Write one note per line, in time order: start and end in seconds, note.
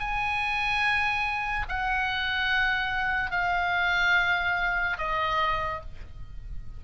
0.00 1.67 G#5
1.69 3.31 F#5
3.31 4.98 F5
4.98 5.81 D#5